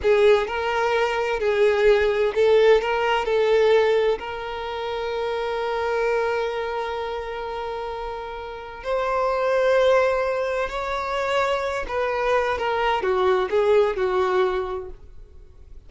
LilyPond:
\new Staff \with { instrumentName = "violin" } { \time 4/4 \tempo 4 = 129 gis'4 ais'2 gis'4~ | gis'4 a'4 ais'4 a'4~ | a'4 ais'2.~ | ais'1~ |
ais'2. c''4~ | c''2. cis''4~ | cis''4. b'4. ais'4 | fis'4 gis'4 fis'2 | }